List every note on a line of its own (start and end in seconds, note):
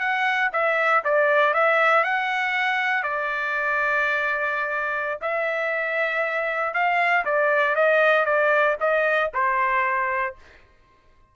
0.00 0.51 F#5
0.53 1.04 E5
1.05 1.54 D5
1.54 2.04 E5
2.04 3.04 F#5
3.04 5.20 D5
5.22 6.74 E5
6.74 7.25 F5
7.26 7.76 D5
7.76 8.26 D#5
8.26 8.77 D5
8.81 9.32 D#5
9.34 10.36 C5